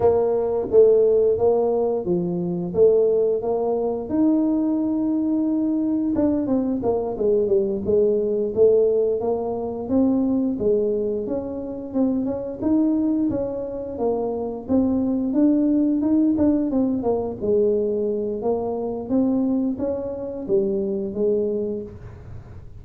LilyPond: \new Staff \with { instrumentName = "tuba" } { \time 4/4 \tempo 4 = 88 ais4 a4 ais4 f4 | a4 ais4 dis'2~ | dis'4 d'8 c'8 ais8 gis8 g8 gis8~ | gis8 a4 ais4 c'4 gis8~ |
gis8 cis'4 c'8 cis'8 dis'4 cis'8~ | cis'8 ais4 c'4 d'4 dis'8 | d'8 c'8 ais8 gis4. ais4 | c'4 cis'4 g4 gis4 | }